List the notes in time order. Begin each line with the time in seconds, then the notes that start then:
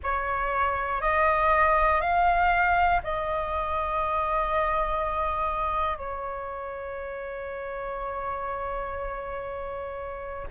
0.03 C#5
1.01 D#5
2.01 F5
3.03 D#5
5.97 C#5